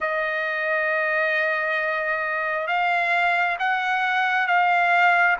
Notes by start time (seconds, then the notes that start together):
0.00 D#5
2.67 F5
3.59 F#5
4.47 F5